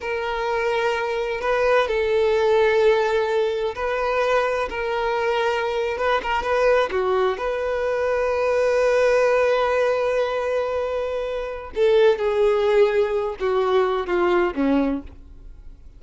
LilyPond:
\new Staff \with { instrumentName = "violin" } { \time 4/4 \tempo 4 = 128 ais'2. b'4 | a'1 | b'2 ais'2~ | ais'8. b'8 ais'8 b'4 fis'4 b'16~ |
b'1~ | b'1~ | b'4 a'4 gis'2~ | gis'8 fis'4. f'4 cis'4 | }